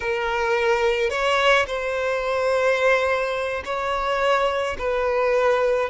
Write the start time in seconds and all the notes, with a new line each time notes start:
0.00 A#4
1.10 C#5
1.67 C5
3.64 C#5
4.78 B4